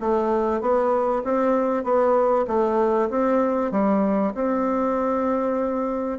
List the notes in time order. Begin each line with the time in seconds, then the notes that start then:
0.00 A3
0.60 B3
1.24 C4
1.83 B3
2.47 A3
3.10 C4
3.71 G3
4.34 C4